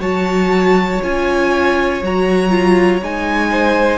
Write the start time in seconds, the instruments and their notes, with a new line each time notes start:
0.00 cello F#3, viola F#4, violin C#5 A5
1.02 cello C#4, viola F4, violin G#5
2.02 cello F#3, viola F#4, violin A#5
2.50 viola F4
3.01 cello G#3, viola D#4, violin G#5
3.51 violin C5